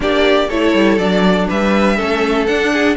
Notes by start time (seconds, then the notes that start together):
0.00 A#3 D4 G4 D5
0.48 A3 E4 A4 C#5
0.74 G3
0.98 F#3 D4 D5
1.48 G3 B4 E5
1.96 A3 C#4 A4
2.46 D4 F#5
2.73 G#4